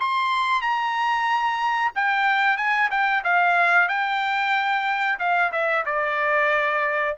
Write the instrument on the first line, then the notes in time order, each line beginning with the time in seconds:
trumpet
0.00 C6
0.61 A#5
1.95 G5
2.57 G#5
2.91 G5
3.24 F5
3.88 G5
5.19 F5
5.52 E5
5.85 D5